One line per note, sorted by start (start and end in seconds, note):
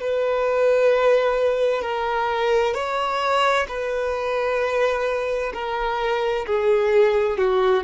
0.00 1.82 B4
1.82 2.74 A#4
2.74 3.66 C#5
3.68 5.53 B4
5.53 6.45 A#4
6.46 7.38 G#4
7.38 7.83 F#4